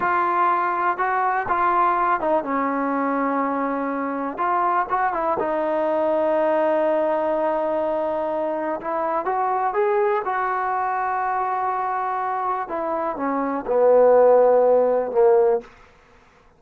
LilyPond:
\new Staff \with { instrumentName = "trombone" } { \time 4/4 \tempo 4 = 123 f'2 fis'4 f'4~ | f'8 dis'8 cis'2.~ | cis'4 f'4 fis'8 e'8 dis'4~ | dis'1~ |
dis'2 e'4 fis'4 | gis'4 fis'2.~ | fis'2 e'4 cis'4 | b2. ais4 | }